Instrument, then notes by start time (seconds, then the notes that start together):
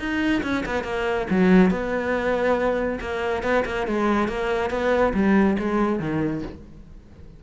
cello
0.00 D#4
0.43 C#4
0.66 B3
0.84 A#3
1.31 F#3
1.71 B3
3.01 A#3
3.43 B3
3.66 A#3
3.87 G#3
4.29 A#3
4.71 B3
5.14 G3
5.59 G#3
6.00 D#3